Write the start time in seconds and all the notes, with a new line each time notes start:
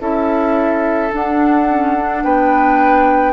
0.00 C#4 E4 A4 E5
1.10 D4 F#5
1.69 C#4
1.96 D4
2.24 B3 B4 G5